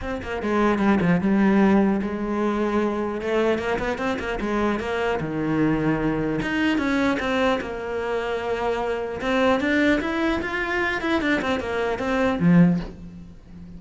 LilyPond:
\new Staff \with { instrumentName = "cello" } { \time 4/4 \tempo 4 = 150 c'8 ais8 gis4 g8 f8 g4~ | g4 gis2. | a4 ais8 b8 c'8 ais8 gis4 | ais4 dis2. |
dis'4 cis'4 c'4 ais4~ | ais2. c'4 | d'4 e'4 f'4. e'8 | d'8 c'8 ais4 c'4 f4 | }